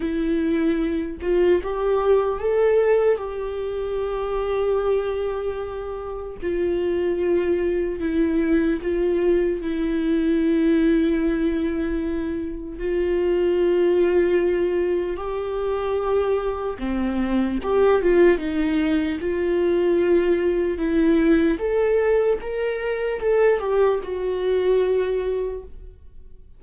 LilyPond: \new Staff \with { instrumentName = "viola" } { \time 4/4 \tempo 4 = 75 e'4. f'8 g'4 a'4 | g'1 | f'2 e'4 f'4 | e'1 |
f'2. g'4~ | g'4 c'4 g'8 f'8 dis'4 | f'2 e'4 a'4 | ais'4 a'8 g'8 fis'2 | }